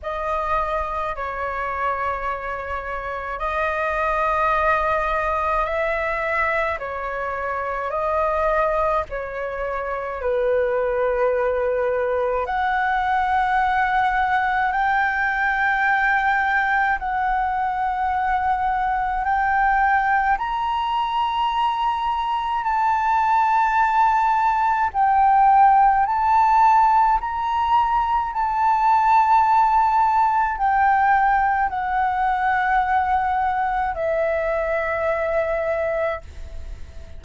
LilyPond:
\new Staff \with { instrumentName = "flute" } { \time 4/4 \tempo 4 = 53 dis''4 cis''2 dis''4~ | dis''4 e''4 cis''4 dis''4 | cis''4 b'2 fis''4~ | fis''4 g''2 fis''4~ |
fis''4 g''4 ais''2 | a''2 g''4 a''4 | ais''4 a''2 g''4 | fis''2 e''2 | }